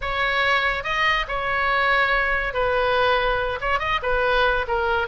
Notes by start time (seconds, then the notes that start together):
0.01 C#5
0.83 D#5
1.28 C#5
2.53 B4
3.60 C#5
3.79 D#5
4.02 B4
4.67 A#4